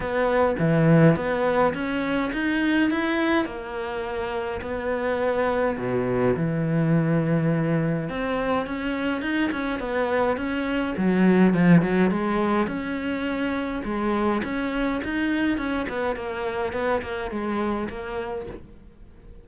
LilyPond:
\new Staff \with { instrumentName = "cello" } { \time 4/4 \tempo 4 = 104 b4 e4 b4 cis'4 | dis'4 e'4 ais2 | b2 b,4 e4~ | e2 c'4 cis'4 |
dis'8 cis'8 b4 cis'4 fis4 | f8 fis8 gis4 cis'2 | gis4 cis'4 dis'4 cis'8 b8 | ais4 b8 ais8 gis4 ais4 | }